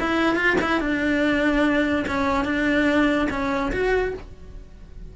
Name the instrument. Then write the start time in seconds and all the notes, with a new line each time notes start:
cello
0.00 E4
0.36 F4
0.61 E4
0.80 D4
2.08 C#4
2.45 D4
3.30 C#4
3.72 F#4